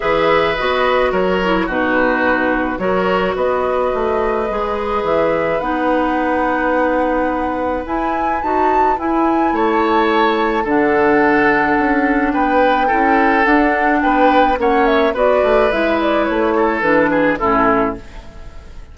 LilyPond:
<<
  \new Staff \with { instrumentName = "flute" } { \time 4/4 \tempo 4 = 107 e''4 dis''4 cis''4 b'4~ | b'4 cis''4 dis''2~ | dis''4 e''4 fis''2~ | fis''2 gis''4 a''4 |
gis''4 a''2 fis''4~ | fis''2 g''2 | fis''4 g''4 fis''8 e''8 d''4 | e''8 d''8 cis''4 b'4 a'4 | }
  \new Staff \with { instrumentName = "oboe" } { \time 4/4 b'2 ais'4 fis'4~ | fis'4 ais'4 b'2~ | b'1~ | b'1~ |
b'4 cis''2 a'4~ | a'2 b'4 a'4~ | a'4 b'4 cis''4 b'4~ | b'4. a'4 gis'8 e'4 | }
  \new Staff \with { instrumentName = "clarinet" } { \time 4/4 gis'4 fis'4. e'8 dis'4~ | dis'4 fis'2. | gis'2 dis'2~ | dis'2 e'4 fis'4 |
e'2. d'4~ | d'2. e'4 | d'2 cis'4 fis'4 | e'2 d'4 cis'4 | }
  \new Staff \with { instrumentName = "bassoon" } { \time 4/4 e4 b4 fis4 b,4~ | b,4 fis4 b4 a4 | gis4 e4 b2~ | b2 e'4 dis'4 |
e'4 a2 d4~ | d4 cis'4 b4 cis'4 | d'4 b4 ais4 b8 a8 | gis4 a4 e4 a,4 | }
>>